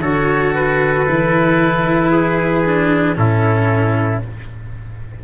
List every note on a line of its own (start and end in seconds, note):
0.00 1.05 D3
0.00 1.06 F#4
0.00 2.11 A4
0.00 0.54 C#5
0.54 3.17 B4
1.06 3.17 E3
1.06 2.64 E4
2.11 3.17 G#4
2.65 3.16 D4
3.16 4.23 A2
3.16 4.21 C#4
3.16 4.24 E4
3.16 4.22 A4